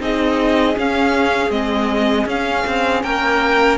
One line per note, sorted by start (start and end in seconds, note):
0.00 0.76 C4
0.00 0.76 D#4
0.00 3.04 G#4
0.00 0.78 D#5
0.76 1.51 C#4
0.76 1.50 C#4
0.76 1.51 F5
1.50 2.26 G#3
1.50 2.27 C4
1.50 2.27 D#5
2.27 2.65 C#4
2.27 3.78 C#4
2.27 3.03 F5
2.67 3.03 C4
3.03 3.78 A#3
3.03 3.78 A#4
3.03 3.78 G5